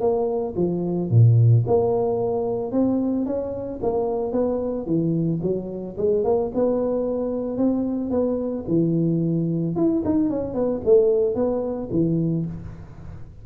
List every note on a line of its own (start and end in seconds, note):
0.00 0.54 A#3
0.56 1.10 F3
1.10 1.64 A#2
1.67 2.71 A#3
2.71 3.25 C4
3.25 3.79 C#4
3.82 4.32 A#3
4.32 4.86 B3
4.86 5.40 E3
5.42 5.96 F#3
5.97 6.24 G#3
6.24 6.51 A#3
6.54 7.57 B3
7.57 8.10 C4
8.10 8.64 B3
8.67 9.75 E3
9.75 10.02 E4
10.05 10.29 D#4
10.29 10.54 C#4
10.54 10.81 B3
10.85 11.34 A3
11.34 11.88 B3
11.91 12.45 E3